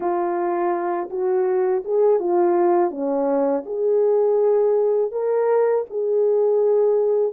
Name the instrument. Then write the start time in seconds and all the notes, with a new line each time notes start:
horn
0.00 F4
1.09 F#4
1.84 G#4
2.19 F4
2.91 C#4
3.66 G#4
5.11 A#4
5.89 G#4